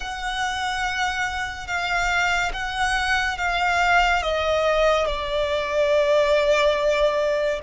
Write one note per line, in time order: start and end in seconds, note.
0.00 1.67 F#5
1.67 2.51 F5
2.53 3.37 F#5
3.37 4.22 F5
4.22 5.06 D#5
5.06 7.60 D5